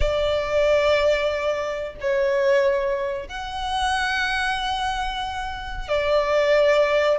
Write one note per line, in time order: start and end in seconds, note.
0.00 1.95 D5
2.00 3.28 C#5
3.28 5.88 F#5
5.88 7.18 D5